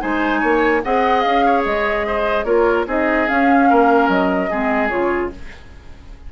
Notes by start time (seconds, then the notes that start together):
0.00 G#3 D#4 C5 G#5
0.40 A#3 C#5
0.84 C4 G#4 D#5 F#5
1.21 C#4 F5
1.45 C#5
1.65 G#3 D#5
2.07 C5
2.44 A#3 F4 A#4 C#5
2.86 C4 D#4 G#4 D#5
3.27 C#4 F5
3.70 A#3 A#4
4.08 F#3 D#5
4.50 G#3 C4 G#4
4.88 C#3 F4 C#5